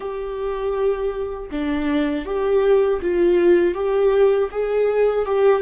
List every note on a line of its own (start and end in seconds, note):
0.00 1.50 G4
1.51 2.25 D4
2.25 3.00 G4
3.01 3.74 F4
3.74 4.49 G4
4.51 5.25 G#4
5.25 5.61 G4